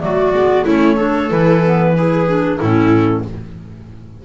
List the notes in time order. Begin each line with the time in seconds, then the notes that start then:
0.00 F#3 A3 F#4 D5
0.34 G#3 B3
0.65 A3 C#4 E4 C#5
0.96 D4 A4
1.29 E3 E4 B4
1.65 B3
1.95 E4 G#4
2.27 D4
2.58 A2 C#4 E4 A4